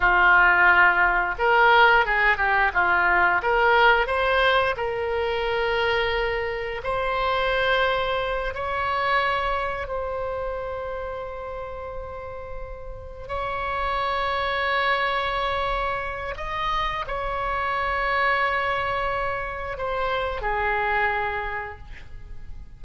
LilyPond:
\new Staff \with { instrumentName = "oboe" } { \time 4/4 \tempo 4 = 88 f'2 ais'4 gis'8 g'8 | f'4 ais'4 c''4 ais'4~ | ais'2 c''2~ | c''8 cis''2 c''4.~ |
c''2.~ c''8 cis''8~ | cis''1 | dis''4 cis''2.~ | cis''4 c''4 gis'2 | }